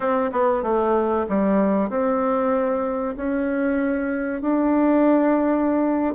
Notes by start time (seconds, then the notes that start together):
0.00 C4
0.32 B3
0.63 A3
1.28 G3
1.89 C4
3.16 C#4
4.41 D4